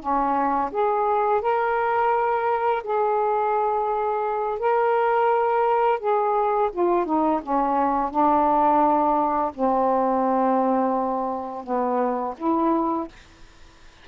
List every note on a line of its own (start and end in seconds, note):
0.00 0.71 C#4
0.72 1.42 G#4
1.42 2.83 A#4
2.84 4.59 G#4
4.59 6.00 A#4
6.00 6.70 G#4
6.73 7.06 F4
7.06 7.41 D#4
7.43 8.11 C#4
8.11 9.52 D4
9.55 11.64 C4
11.64 12.35 B3
12.38 13.08 E4